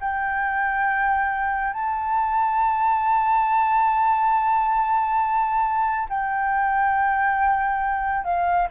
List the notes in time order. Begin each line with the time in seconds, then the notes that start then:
0.00 G5
1.73 A5
6.09 G5
8.24 F5